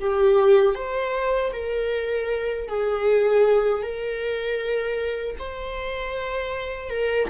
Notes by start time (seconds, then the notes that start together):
0.00 G4
0.75 C5
1.53 A#4
2.69 G#4
3.83 A#4
5.39 C5
6.90 A#4